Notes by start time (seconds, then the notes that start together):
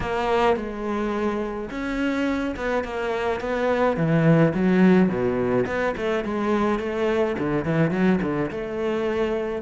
0.00 A#3
0.56 G#3
1.70 C#4
2.56 B3
2.84 A#3
3.40 B3
3.96 E3
4.54 F#3
5.08 B2
5.66 B3
5.96 A3
6.24 G#3
6.79 A3
7.38 D3
7.64 E3
7.90 F#3
8.22 D3
8.50 A3